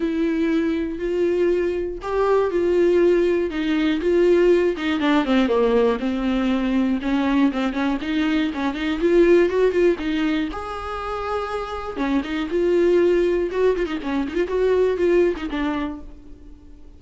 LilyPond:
\new Staff \with { instrumentName = "viola" } { \time 4/4 \tempo 4 = 120 e'2 f'2 | g'4 f'2 dis'4 | f'4. dis'8 d'8 c'8 ais4 | c'2 cis'4 c'8 cis'8 |
dis'4 cis'8 dis'8 f'4 fis'8 f'8 | dis'4 gis'2. | cis'8 dis'8 f'2 fis'8 f'16 dis'16 | cis'8 dis'16 f'16 fis'4 f'8. dis'16 d'4 | }